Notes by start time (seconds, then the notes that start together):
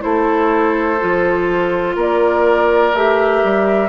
0.00 A3 E4 A4 C5
1.00 F3 F4
1.96 A#3 A#4 D5
2.94 A3 G4 E5
3.44 G3